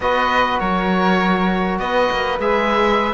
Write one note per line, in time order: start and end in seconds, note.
0.00 0.58 B3
0.00 2.40 F#4
0.00 0.60 B4
0.00 0.59 D#5
0.59 1.79 F#3
0.59 1.80 A#4
0.59 1.78 C#5
1.78 2.09 B3
1.78 3.13 B4
1.78 2.38 D#5
2.11 2.39 A#3
2.39 3.13 G#3
2.39 3.13 G#4
2.39 3.13 E5